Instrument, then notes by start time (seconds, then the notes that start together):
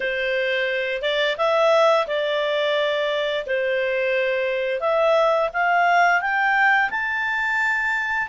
clarinet
0.00 C5
1.02 D5
1.37 E5
2.07 D5
3.46 C5
4.80 E5
5.53 F5
6.21 G5
6.90 A5